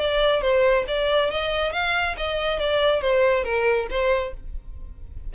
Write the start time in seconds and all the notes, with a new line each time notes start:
0.00 D5
0.42 C5
0.88 D5
1.31 D#5
1.72 F5
2.17 D#5
2.59 D5
3.01 C5
3.44 A#4
3.90 C5